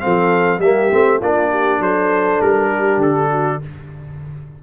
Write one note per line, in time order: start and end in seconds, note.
0.00 0.59 F3
0.00 0.60 C4
0.00 0.60 A4
0.00 0.60 F5
0.59 0.89 G3
0.59 0.91 A#3
0.59 1.20 G4
0.59 1.21 E5
0.91 1.21 A3
0.91 1.21 C4
1.20 1.80 A#3
1.20 3.63 D4
1.20 1.50 F4
1.20 1.82 D5
1.50 1.80 G4
1.80 2.40 F#3
1.80 2.71 A4
1.80 2.42 C5
2.41 2.97 G3
2.41 3.02 A#4
2.71 3.30 G4
2.97 3.57 D3
2.97 3.62 A4
3.30 3.60 F#4